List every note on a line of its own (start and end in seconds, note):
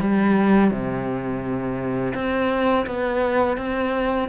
0.00 0.70 G3
0.70 2.13 C3
2.14 2.86 C4
2.86 3.57 B3
3.57 4.28 C4